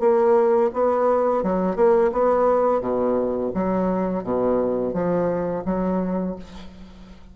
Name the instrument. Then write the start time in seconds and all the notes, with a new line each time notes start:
bassoon
0.00 A#3
0.74 B3
1.43 F#3
1.76 A#3
2.12 B3
2.81 B2
3.55 F#3
4.24 B2
4.93 F3
5.66 F#3